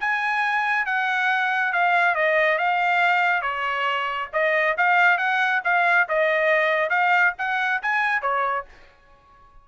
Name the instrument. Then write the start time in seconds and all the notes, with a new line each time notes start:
trumpet
0.00 G#5
0.86 F#5
1.73 F5
2.15 D#5
2.58 F5
3.42 C#5
4.33 D#5
4.77 F5
5.18 F#5
5.64 F5
6.08 D#5
6.90 F5
7.38 F#5
7.82 G#5
8.22 C#5